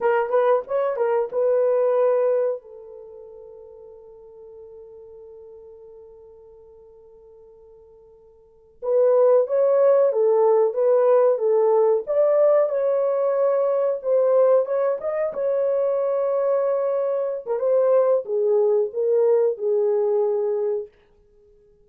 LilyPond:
\new Staff \with { instrumentName = "horn" } { \time 4/4 \tempo 4 = 92 ais'8 b'8 cis''8 ais'8 b'2 | a'1~ | a'1~ | a'4. b'4 cis''4 a'8~ |
a'8 b'4 a'4 d''4 cis''8~ | cis''4. c''4 cis''8 dis''8 cis''8~ | cis''2~ cis''8. ais'16 c''4 | gis'4 ais'4 gis'2 | }